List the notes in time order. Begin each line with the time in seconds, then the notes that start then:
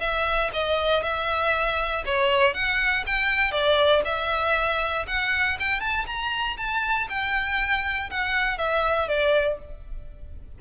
0.00 E5
0.53 D#5
1.03 E5
2.06 C#5
2.54 F#5
3.07 G5
3.52 D5
4.05 E5
5.07 F#5
5.60 G5
5.80 A5
6.06 A#5
6.57 A5
7.09 G5
8.10 F#5
8.58 E5
9.08 D5